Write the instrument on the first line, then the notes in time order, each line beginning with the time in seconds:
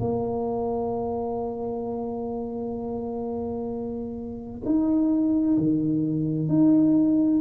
tuba
0.00 A#3
4.65 D#4
5.58 D#3
6.48 D#4